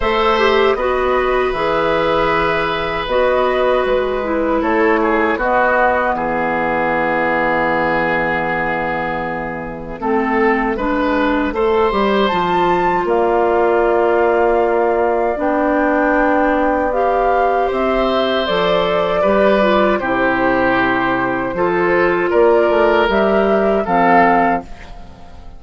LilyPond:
<<
  \new Staff \with { instrumentName = "flute" } { \time 4/4 \tempo 4 = 78 e''4 dis''4 e''2 | dis''4 b'4 cis''4 dis''4 | e''1~ | e''1 |
a''4 f''2. | g''2 f''4 e''4 | d''2 c''2~ | c''4 d''4 e''4 f''4 | }
  \new Staff \with { instrumentName = "oboe" } { \time 4/4 c''4 b'2.~ | b'2 a'8 gis'8 fis'4 | gis'1~ | gis'4 a'4 b'4 c''4~ |
c''4 d''2.~ | d''2. c''4~ | c''4 b'4 g'2 | a'4 ais'2 a'4 | }
  \new Staff \with { instrumentName = "clarinet" } { \time 4/4 a'8 g'8 fis'4 gis'2 | fis'4. e'4. b4~ | b1~ | b4 c'4 d'4 a'8 g'8 |
f'1 | d'2 g'2 | a'4 g'8 f'8 e'2 | f'2 g'4 c'4 | }
  \new Staff \with { instrumentName = "bassoon" } { \time 4/4 a4 b4 e2 | b4 gis4 a4 b4 | e1~ | e4 a4 gis4 a8 g8 |
f4 ais2. | b2. c'4 | f4 g4 c2 | f4 ais8 a8 g4 f4 | }
>>